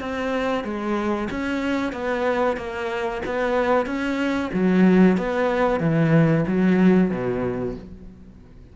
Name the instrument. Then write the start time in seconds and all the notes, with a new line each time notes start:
cello
0.00 C4
0.64 G#3
1.30 C#4
1.93 B3
2.57 A#3
3.26 B3
3.86 C#4
4.53 F#3
5.18 B3
5.80 E3
6.48 F#3
7.11 B2